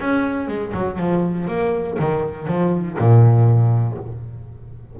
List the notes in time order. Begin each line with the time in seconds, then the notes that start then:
0.00 C#4
0.48 G#3
0.74 F#3
0.99 F3
1.47 A#3
1.99 D#3
2.47 F3
2.98 A#2